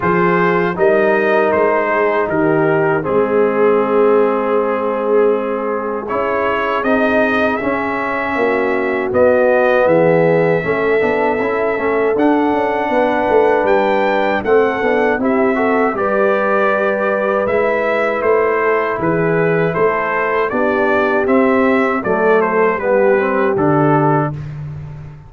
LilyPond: <<
  \new Staff \with { instrumentName = "trumpet" } { \time 4/4 \tempo 4 = 79 c''4 dis''4 c''4 ais'4 | gis'1 | cis''4 dis''4 e''2 | dis''4 e''2. |
fis''2 g''4 fis''4 | e''4 d''2 e''4 | c''4 b'4 c''4 d''4 | e''4 d''8 c''8 b'4 a'4 | }
  \new Staff \with { instrumentName = "horn" } { \time 4/4 gis'4 ais'4. gis'8 g'4 | gis'1~ | gis'2. fis'4~ | fis'4 gis'4 a'2~ |
a'4 b'2 a'4 | g'8 a'8 b'2.~ | b'8 a'8 gis'4 a'4 g'4~ | g'4 a'4 g'2 | }
  \new Staff \with { instrumentName = "trombone" } { \time 4/4 f'4 dis'2. | c'1 | e'4 dis'4 cis'2 | b2 cis'8 d'8 e'8 cis'8 |
d'2. c'8 d'8 | e'8 fis'8 g'2 e'4~ | e'2. d'4 | c'4 a4 b8 c'8 d'4 | }
  \new Staff \with { instrumentName = "tuba" } { \time 4/4 f4 g4 gis4 dis4 | gis1 | cis'4 c'4 cis'4 ais4 | b4 e4 a8 b8 cis'8 a8 |
d'8 cis'8 b8 a8 g4 a8 b8 | c'4 g2 gis4 | a4 e4 a4 b4 | c'4 fis4 g4 d4 | }
>>